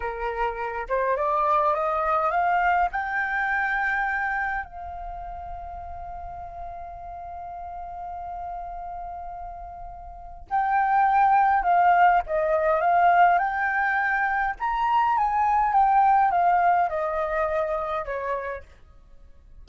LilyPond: \new Staff \with { instrumentName = "flute" } { \time 4/4 \tempo 4 = 103 ais'4. c''8 d''4 dis''4 | f''4 g''2. | f''1~ | f''1~ |
f''2 g''2 | f''4 dis''4 f''4 g''4~ | g''4 ais''4 gis''4 g''4 | f''4 dis''2 cis''4 | }